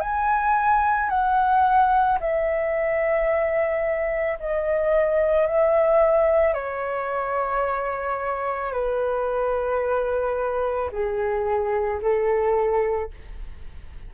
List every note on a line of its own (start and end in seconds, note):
0.00 1.09 G#5
1.09 2.18 F#5
2.20 4.38 E5
4.40 5.46 D#5
5.46 6.54 E5
6.54 8.72 C#5
8.72 10.90 B4
10.91 12.00 G#4
12.01 13.11 A4